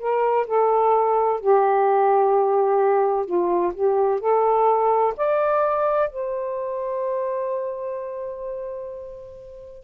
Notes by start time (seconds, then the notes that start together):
0.00 A#4
0.47 A4
1.41 G4
3.26 F4
3.75 G4
4.21 A4
5.17 D5
6.10 C5